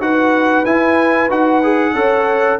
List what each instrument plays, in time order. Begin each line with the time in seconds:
0.00 tuba D#4, trombone F#4, horn B4, trumpet F#5
0.65 tuba E4, trombone E4, trumpet G#5
1.30 tuba D#4, trombone F#4, trumpet F#5
1.64 trombone G#4
1.94 tuba C#4, trombone A4, horn C#5